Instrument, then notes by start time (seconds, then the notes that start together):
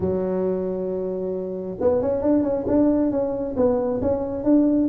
tuba
0.00 F#3
1.80 B3
2.01 C#4
2.22 D4
2.43 C#4
2.67 D4
3.11 C#4
3.56 B3
4.01 C#4
4.44 D4